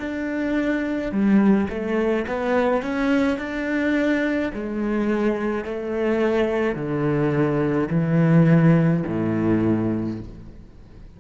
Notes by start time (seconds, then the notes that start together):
0.00 D4
1.12 G3
1.69 A3
2.27 B3
2.83 C#4
3.39 D4
4.54 G#3
5.65 A3
6.76 D3
7.90 E3
9.07 A2